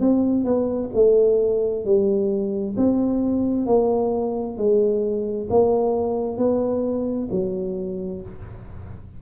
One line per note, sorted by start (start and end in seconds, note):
0.00 0.45 C4
0.45 0.90 B3
0.95 1.85 A3
1.85 2.76 G3
2.77 3.67 C4
3.67 4.57 A#3
4.57 5.48 G#3
5.50 6.38 A#3
6.38 7.29 B3
7.31 8.22 F#3